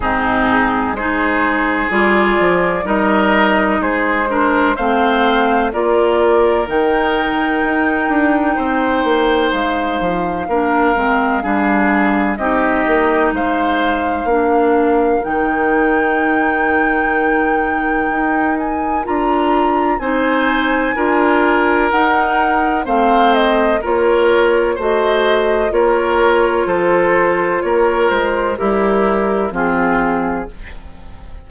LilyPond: <<
  \new Staff \with { instrumentName = "flute" } { \time 4/4 \tempo 4 = 63 gis'4 c''4 d''4 dis''4 | c''4 f''4 d''4 g''4~ | g''2 f''2~ | f''4 dis''4 f''2 |
g''2.~ g''8 gis''8 | ais''4 gis''2 fis''4 | f''8 dis''8 cis''4 dis''4 cis''4 | c''4 cis''8 c''8 ais'4 gis'4 | }
  \new Staff \with { instrumentName = "oboe" } { \time 4/4 dis'4 gis'2 ais'4 | gis'8 ais'8 c''4 ais'2~ | ais'4 c''2 ais'4 | gis'4 g'4 c''4 ais'4~ |
ais'1~ | ais'4 c''4 ais'2 | c''4 ais'4 c''4 ais'4 | a'4 ais'4 e'4 f'4 | }
  \new Staff \with { instrumentName = "clarinet" } { \time 4/4 c'4 dis'4 f'4 dis'4~ | dis'8 d'8 c'4 f'4 dis'4~ | dis'2. d'8 c'8 | d'4 dis'2 d'4 |
dis'1 | f'4 dis'4 f'4 dis'4 | c'4 f'4 fis'4 f'4~ | f'2 g'4 c'4 | }
  \new Staff \with { instrumentName = "bassoon" } { \time 4/4 gis,4 gis4 g8 f8 g4 | gis4 a4 ais4 dis4 | dis'8 d'8 c'8 ais8 gis8 f8 ais8 gis8 | g4 c'8 ais8 gis4 ais4 |
dis2. dis'4 | d'4 c'4 d'4 dis'4 | a4 ais4 a4 ais4 | f4 ais8 gis8 g4 f4 | }
>>